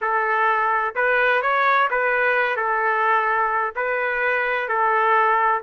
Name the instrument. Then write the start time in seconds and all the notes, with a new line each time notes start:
trumpet
0.01 A4
0.95 B4
1.41 C#5
1.90 B4
2.56 A4
3.75 B4
4.68 A4